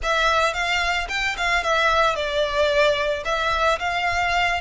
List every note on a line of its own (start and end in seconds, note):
0.02 0.53 E5
0.53 1.07 F5
1.09 1.36 G5
1.37 1.63 F5
1.63 2.15 E5
2.15 3.23 D5
3.24 3.78 E5
3.79 4.60 F5